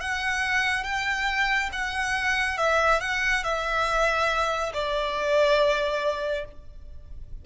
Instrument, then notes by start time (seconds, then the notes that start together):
violin
0.00 F#5
0.83 G5
1.72 F#5
2.57 E5
3.00 F#5
3.43 E5
4.73 D5